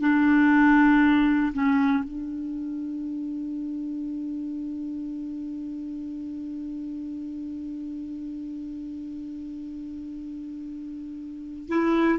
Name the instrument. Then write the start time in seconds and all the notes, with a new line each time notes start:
clarinet
0.00 D4
1.53 C#4
2.04 D4
11.68 E4